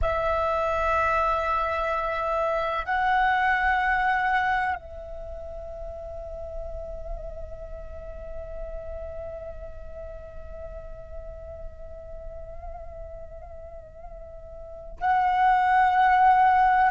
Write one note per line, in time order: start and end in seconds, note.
0.01 2.85 E5
2.85 4.74 F#5
4.74 14.98 E5
15.00 16.90 F#5